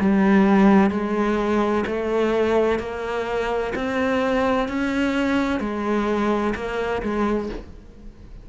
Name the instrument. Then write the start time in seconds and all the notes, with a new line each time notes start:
cello
0.00 G3
0.90 G#3
1.86 A3
2.79 A#3
3.75 C4
4.68 C#4
5.60 G#3
6.55 A#3
7.02 G#3